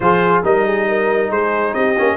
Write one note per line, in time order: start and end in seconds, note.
0.00 0.42 F3
0.00 0.43 F4
0.00 0.44 G#4
0.00 0.42 C5
0.43 1.29 G3
0.43 1.95 D#4
0.43 0.65 A#4
0.43 1.31 D#5
0.65 0.87 G#4
0.88 1.31 A#4
1.29 1.73 G#3
1.29 1.74 G#4
1.29 1.74 C5
1.74 1.96 C4
1.74 2.16 G4
1.74 2.16 D#5
1.97 2.16 A#3
1.97 2.16 C#4